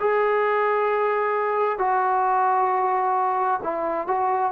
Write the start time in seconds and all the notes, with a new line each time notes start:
0.00 G#4
1.79 F#4
3.63 E4
4.07 F#4